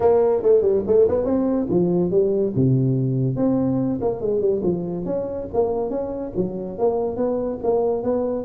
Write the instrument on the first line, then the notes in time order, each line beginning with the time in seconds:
tuba
0.00 A#3
0.42 A3
0.61 G3
0.87 A3
1.08 B3
1.24 C4
1.69 F3
2.10 G3
2.55 C3
3.36 C4
4.01 A#3
4.20 G#3
4.40 G3
4.63 F3
5.05 C#4
5.53 A#3
5.90 C#4
6.36 F#3
6.78 A#3
7.16 B3
7.63 A#3
8.03 B3